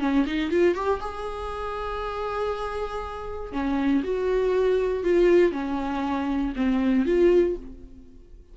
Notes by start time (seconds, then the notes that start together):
0.00 C#4
0.26 D#4
0.51 F4
0.75 G4
1.01 G#4
3.52 C#4
4.04 F#4
5.04 F4
5.52 C#4
6.56 C4
7.06 F4